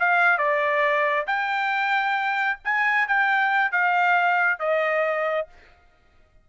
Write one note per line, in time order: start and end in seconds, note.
0.00 0.38 F5
0.38 1.27 D5
1.27 2.60 G5
2.65 3.08 G#5
3.08 3.72 G5
3.72 4.60 F5
4.60 5.48 D#5